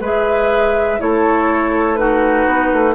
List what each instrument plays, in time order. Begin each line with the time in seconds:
0.00 bassoon G#3, clarinet G#4, oboe B4, flute E5
0.99 bassoon A3, clarinet E4, oboe A4, flute C#5
1.96 clarinet D#4, oboe F#4, flute B4
2.47 bassoon B3
2.72 bassoon A3